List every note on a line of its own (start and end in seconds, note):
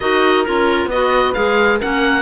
0.00 0.46 D#4
0.00 0.45 F#4
0.00 0.89 A#4
0.00 0.44 D#5
0.44 0.85 C#4
0.44 0.90 F4
0.44 0.89 A#4
0.85 1.31 B3
0.85 1.78 B4
0.85 1.33 D#5
0.92 1.34 F#4
1.33 1.81 G#3
1.33 1.79 G#4
1.33 1.78 F5
1.78 2.22 A#3
1.78 2.22 C#4
1.78 2.22 A#4
1.78 2.22 F#5